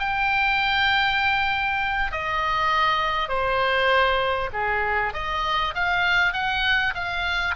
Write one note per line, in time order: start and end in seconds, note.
0.00 2.12 G5
2.12 3.29 D#5
3.29 4.50 C5
4.53 5.14 G#4
5.14 5.74 D#5
5.75 6.33 F5
6.33 6.94 F#5
6.95 7.56 F5